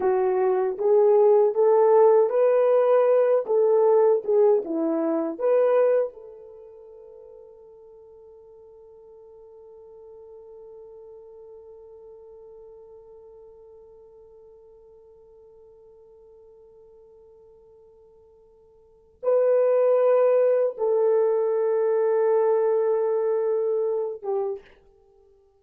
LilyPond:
\new Staff \with { instrumentName = "horn" } { \time 4/4 \tempo 4 = 78 fis'4 gis'4 a'4 b'4~ | b'8 a'4 gis'8 e'4 b'4 | a'1~ | a'1~ |
a'1~ | a'1~ | a'4 b'2 a'4~ | a'2.~ a'8 g'8 | }